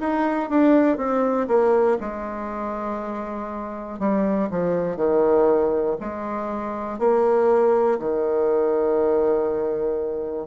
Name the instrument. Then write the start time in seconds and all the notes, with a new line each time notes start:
bassoon
0.00 D#4
0.50 D4
0.98 C4
1.48 A#3
2.00 G#3
3.99 G3
4.50 F3
4.96 D#3
6.00 G#3
6.99 A#3
8.00 D#3